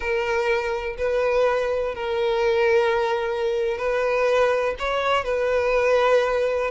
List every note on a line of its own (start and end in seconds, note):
0.00 0.96 A#4
0.97 1.94 B4
1.94 3.77 A#4
3.77 4.75 B4
4.78 5.24 C#5
5.24 6.71 B4